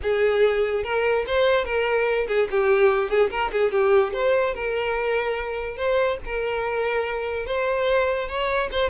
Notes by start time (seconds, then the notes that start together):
0.02 G#4
0.83 A#4
1.27 C5
1.65 A#4
2.27 G#4
2.50 G4
3.09 G#4
3.30 A#4
3.52 G#4
3.71 G4
4.13 C5
4.54 A#4
5.76 C5
6.25 A#4
7.46 C5
8.28 C#5
8.71 C5